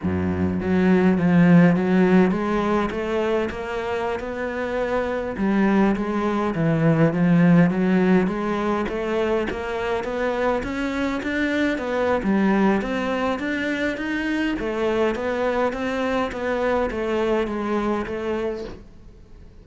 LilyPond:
\new Staff \with { instrumentName = "cello" } { \time 4/4 \tempo 4 = 103 fis,4 fis4 f4 fis4 | gis4 a4 ais4~ ais16 b8.~ | b4~ b16 g4 gis4 e8.~ | e16 f4 fis4 gis4 a8.~ |
a16 ais4 b4 cis'4 d'8.~ | d'16 b8. g4 c'4 d'4 | dis'4 a4 b4 c'4 | b4 a4 gis4 a4 | }